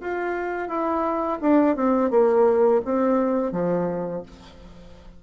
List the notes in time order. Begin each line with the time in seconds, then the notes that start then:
0.00 F4
0.68 E4
1.41 D4
1.76 C4
2.10 A#3
2.85 C4
3.52 F3